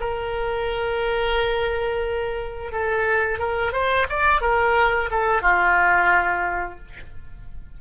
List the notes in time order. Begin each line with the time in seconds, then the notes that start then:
0.00 A#4
2.72 A4
3.39 A#4
3.72 C5
4.09 D5
4.41 A#4
5.10 A4
5.42 F4